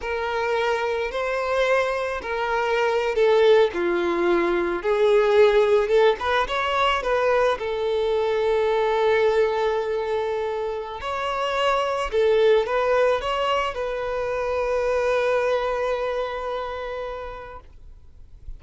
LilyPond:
\new Staff \with { instrumentName = "violin" } { \time 4/4 \tempo 4 = 109 ais'2 c''2 | ais'4.~ ais'16 a'4 f'4~ f'16~ | f'8. gis'2 a'8 b'8 cis''16~ | cis''8. b'4 a'2~ a'16~ |
a'1 | cis''2 a'4 b'4 | cis''4 b'2.~ | b'1 | }